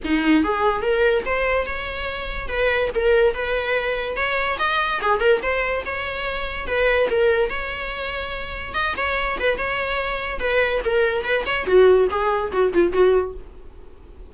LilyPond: \new Staff \with { instrumentName = "viola" } { \time 4/4 \tempo 4 = 144 dis'4 gis'4 ais'4 c''4 | cis''2 b'4 ais'4 | b'2 cis''4 dis''4 | gis'8 ais'8 c''4 cis''2 |
b'4 ais'4 cis''2~ | cis''4 dis''8 cis''4 b'8 cis''4~ | cis''4 b'4 ais'4 b'8 cis''8 | fis'4 gis'4 fis'8 f'8 fis'4 | }